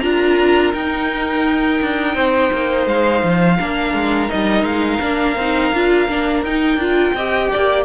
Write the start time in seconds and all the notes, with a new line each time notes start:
0.00 D4 F4 A#4 A#5
0.74 D#4 G5
1.82 D4
2.15 C4 C5
2.53 A#3
2.87 G#3 F5
3.24 F3
3.60 A#3 D4 A#4
3.94 G#3
4.29 G3 D#4 D#5
4.63 G#3 F5
5.01 A#3 D4
5.37 C4 D#4
5.73 D4 F4
6.08 A#3 D4
6.43 D#4 G5
6.77 D4 F4
7.14 C4 G4 D#5
7.52 A#3 D5